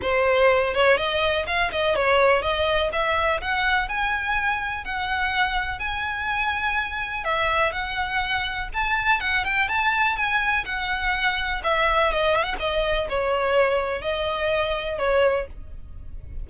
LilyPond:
\new Staff \with { instrumentName = "violin" } { \time 4/4 \tempo 4 = 124 c''4. cis''8 dis''4 f''8 dis''8 | cis''4 dis''4 e''4 fis''4 | gis''2 fis''2 | gis''2. e''4 |
fis''2 a''4 fis''8 g''8 | a''4 gis''4 fis''2 | e''4 dis''8 e''16 fis''16 dis''4 cis''4~ | cis''4 dis''2 cis''4 | }